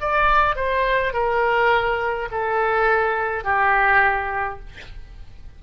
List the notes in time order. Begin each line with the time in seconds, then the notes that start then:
0.00 D5
0.56 C5
1.13 A#4
2.31 A4
3.44 G4